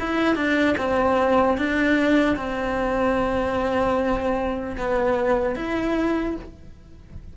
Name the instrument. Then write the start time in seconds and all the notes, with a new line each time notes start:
cello
0.00 E4
0.36 D4
0.78 C4
1.58 D4
2.37 C4
4.77 B3
5.56 E4